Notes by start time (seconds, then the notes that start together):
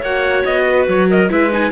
0.00 A#3 F#4 C#5 F#5
0.46 B3 D#5
0.68 B4
0.88 F#3 C#5
1.10 A#4 D#5
1.30 G#3 E4 B4 E5
1.53 D#4 G#5